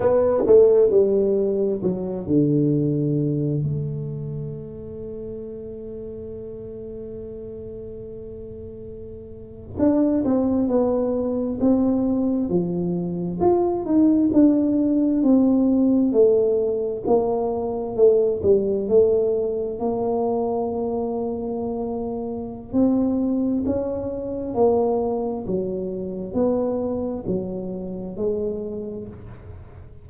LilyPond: \new Staff \with { instrumentName = "tuba" } { \time 4/4 \tempo 4 = 66 b8 a8 g4 fis8 d4. | a1~ | a2~ a8. d'8 c'8 b16~ | b8. c'4 f4 f'8 dis'8 d'16~ |
d'8. c'4 a4 ais4 a16~ | a16 g8 a4 ais2~ ais16~ | ais4 c'4 cis'4 ais4 | fis4 b4 fis4 gis4 | }